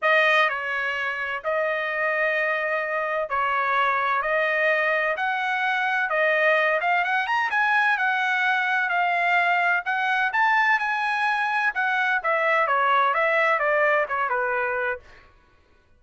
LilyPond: \new Staff \with { instrumentName = "trumpet" } { \time 4/4 \tempo 4 = 128 dis''4 cis''2 dis''4~ | dis''2. cis''4~ | cis''4 dis''2 fis''4~ | fis''4 dis''4. f''8 fis''8 ais''8 |
gis''4 fis''2 f''4~ | f''4 fis''4 a''4 gis''4~ | gis''4 fis''4 e''4 cis''4 | e''4 d''4 cis''8 b'4. | }